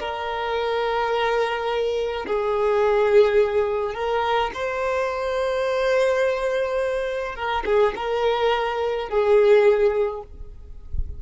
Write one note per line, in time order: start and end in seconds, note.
0.00 2.26 A#4
2.27 3.95 G#4
3.95 4.51 A#4
4.54 7.36 C5
7.36 7.64 A#4
7.66 7.94 G#4
7.97 9.10 A#4
9.10 10.23 G#4